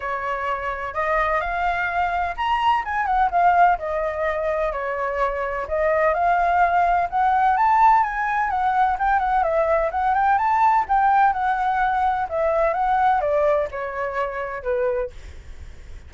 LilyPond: \new Staff \with { instrumentName = "flute" } { \time 4/4 \tempo 4 = 127 cis''2 dis''4 f''4~ | f''4 ais''4 gis''8 fis''8 f''4 | dis''2 cis''2 | dis''4 f''2 fis''4 |
a''4 gis''4 fis''4 g''8 fis''8 | e''4 fis''8 g''8 a''4 g''4 | fis''2 e''4 fis''4 | d''4 cis''2 b'4 | }